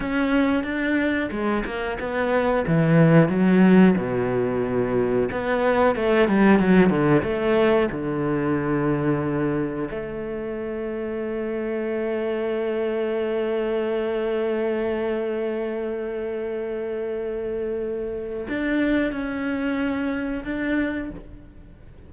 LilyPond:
\new Staff \with { instrumentName = "cello" } { \time 4/4 \tempo 4 = 91 cis'4 d'4 gis8 ais8 b4 | e4 fis4 b,2 | b4 a8 g8 fis8 d8 a4 | d2. a4~ |
a1~ | a1~ | a1 | d'4 cis'2 d'4 | }